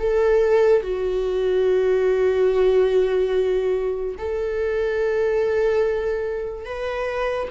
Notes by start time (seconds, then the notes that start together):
0.00 A4
0.83 F#4
4.18 A4
6.65 B4